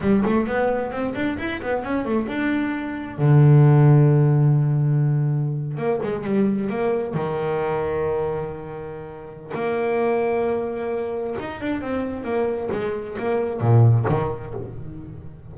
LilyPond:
\new Staff \with { instrumentName = "double bass" } { \time 4/4 \tempo 4 = 132 g8 a8 b4 c'8 d'8 e'8 b8 | cis'8 a8 d'2 d4~ | d1~ | d8. ais8 gis8 g4 ais4 dis16~ |
dis1~ | dis4 ais2.~ | ais4 dis'8 d'8 c'4 ais4 | gis4 ais4 ais,4 dis4 | }